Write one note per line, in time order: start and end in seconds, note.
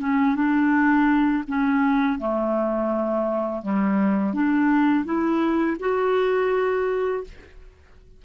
0.00 0.35 C#4
0.35 1.44 D4
1.48 2.19 C#4
2.19 3.62 A3
3.62 4.34 G3
4.34 5.05 D4
5.05 5.77 E4
5.80 7.24 F#4